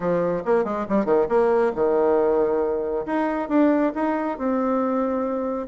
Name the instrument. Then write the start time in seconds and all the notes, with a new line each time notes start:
bassoon
0.00 F3
0.45 A#3
0.64 G#3
0.88 G3
1.05 D#3
1.28 A#3
1.75 D#3
3.06 D#4
3.48 D4
3.94 D#4
4.38 C4